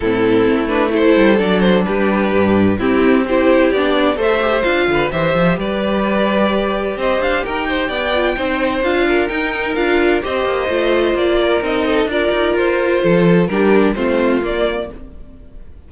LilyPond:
<<
  \new Staff \with { instrumentName = "violin" } { \time 4/4 \tempo 4 = 129 a'4. b'8 c''4 d''8 c''8 | b'2 g'4 c''4 | d''4 e''4 f''4 e''4 | d''2. dis''8 f''8 |
g''2. f''4 | g''4 f''4 dis''2 | d''4 dis''4 d''4 c''4~ | c''4 ais'4 c''4 d''4 | }
  \new Staff \with { instrumentName = "violin" } { \time 4/4 e'2 a'2 | g'2 e'4 g'4~ | g'4 c''4. b'8 c''4 | b'2. c''4 |
ais'8 c''8 d''4 c''4. ais'8~ | ais'2 c''2~ | c''8 ais'4 a'8 ais'2 | a'4 g'4 f'2 | }
  \new Staff \with { instrumentName = "viola" } { \time 4/4 c'4. d'8 e'4 d'4~ | d'2 c'4 e'4 | d'4 a'8 g'8 f'4 g'4~ | g'1~ |
g'4. f'8 dis'4 f'4 | dis'4 f'4 g'4 f'4~ | f'4 dis'4 f'2~ | f'4 d'4 c'4 ais4 | }
  \new Staff \with { instrumentName = "cello" } { \time 4/4 a,4 a4. g8 fis4 | g4 g,4 c'2 | b4 a4 d'8 d8 e8 f8 | g2. c'8 d'8 |
dis'4 b4 c'4 d'4 | dis'4 d'4 c'8 ais8 a4 | ais4 c'4 d'8 dis'8 f'4 | f4 g4 a4 ais4 | }
>>